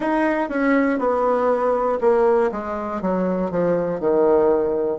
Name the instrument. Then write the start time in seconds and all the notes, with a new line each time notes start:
bassoon
0.00 D#4
0.49 C#4
0.98 B3
2.00 A#3
2.51 G#3
3.01 F#3
3.50 F3
4.00 D#3